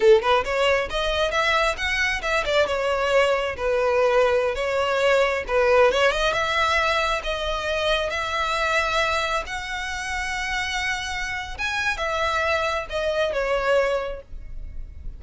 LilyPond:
\new Staff \with { instrumentName = "violin" } { \time 4/4 \tempo 4 = 135 a'8 b'8 cis''4 dis''4 e''4 | fis''4 e''8 d''8 cis''2 | b'2~ b'16 cis''4.~ cis''16~ | cis''16 b'4 cis''8 dis''8 e''4.~ e''16~ |
e''16 dis''2 e''4.~ e''16~ | e''4~ e''16 fis''2~ fis''8.~ | fis''2 gis''4 e''4~ | e''4 dis''4 cis''2 | }